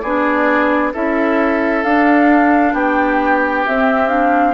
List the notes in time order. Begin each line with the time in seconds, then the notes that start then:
0.00 B3 D4 G#4 D5
0.93 C#4 E4 A4 E5
1.83 D4 F5
2.73 B3 G4 G5
3.66 C4 E5
4.08 D4 F5